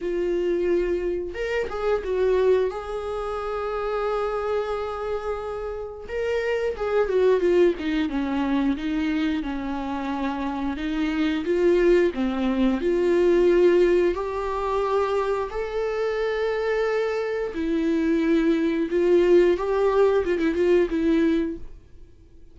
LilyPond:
\new Staff \with { instrumentName = "viola" } { \time 4/4 \tempo 4 = 89 f'2 ais'8 gis'8 fis'4 | gis'1~ | gis'4 ais'4 gis'8 fis'8 f'8 dis'8 | cis'4 dis'4 cis'2 |
dis'4 f'4 c'4 f'4~ | f'4 g'2 a'4~ | a'2 e'2 | f'4 g'4 f'16 e'16 f'8 e'4 | }